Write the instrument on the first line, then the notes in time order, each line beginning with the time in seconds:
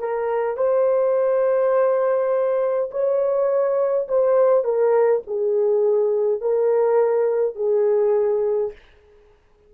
horn
0.00 A#4
0.57 C5
2.91 C#5
4.09 C5
4.64 A#4
5.27 G#4
6.41 A#4
7.56 G#4